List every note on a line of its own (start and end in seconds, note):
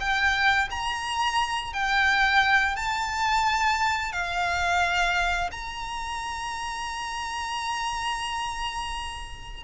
0.00 0.69 G5
0.70 1.73 A#5
1.73 2.76 G5
2.76 4.12 A5
4.12 5.50 F5
5.51 9.64 A#5